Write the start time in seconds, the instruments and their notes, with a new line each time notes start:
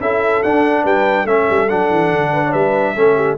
0.00 tuba C#4, trombone E4, horn A4, trumpet E5
0.43 tuba D4, trombone D4, trumpet F#5
0.83 tuba G3, horn B4, trumpet G5
1.24 tuba A3, trombone C#4, horn A4, trumpet E5
1.50 tuba G3
1.69 tuba F#3, trombone D4, trumpet F#5
1.90 tuba E3
2.11 tuba D3
2.33 horn B4
2.44 horn C#5
2.52 tuba G3, horn B4, trumpet E5
2.95 tuba A3, trombone C#4, horn A4
3.15 horn G4